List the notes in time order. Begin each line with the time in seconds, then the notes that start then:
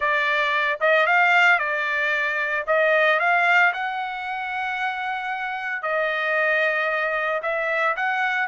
0.00 D5
0.80 D#5
1.06 F5
1.58 D5
2.66 D#5
3.19 F5
3.73 F#5
5.82 D#5
7.42 E5
7.96 F#5